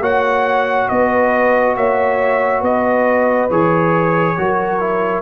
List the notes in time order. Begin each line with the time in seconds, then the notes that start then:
0.00 A#3 F#4 C#5 F#5
0.88 B3 B4 D#5
1.76 A#3 C#5 E5
2.61 B3 B4 D#5
3.50 E3 G#4 C#5
4.37 F#3 F#4 A#4
4.80 E4